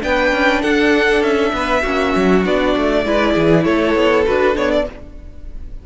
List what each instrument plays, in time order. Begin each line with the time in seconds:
0.00 cello B3, viola D4, violin B4 G5
0.32 cello C#4
0.61 cello D4, violin A4 F#5
1.21 cello C#4, violin E5
1.52 cello B3, violin B4
1.81 cello A#3, viola C#4, violin F#4
2.15 cello F#3
2.45 cello B3, viola D4, violin D5
2.77 cello A3
3.05 cello G#3, viola E4, violin B4
3.33 cello E3, violin G#4
3.64 cello A3, violin A4 C#5
3.95 cello B3
4.25 cello D4, viola F#4, violin B4
4.54 cello B3, viola D4, violin C#5
4.71 violin D5